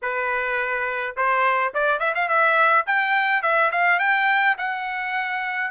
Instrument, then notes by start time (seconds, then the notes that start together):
trumpet
0.02 B4
1.16 C5
1.74 D5
1.99 E5
2.14 F5
2.28 E5
2.86 G5
3.42 E5
3.71 F5
3.99 G5
4.58 F#5